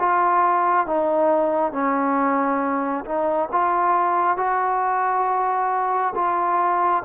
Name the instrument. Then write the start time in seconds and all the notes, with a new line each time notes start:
trombone
0.00 F4
0.87 D#4
1.72 C#4
3.05 D#4
3.52 F4
4.38 F#4
6.15 F4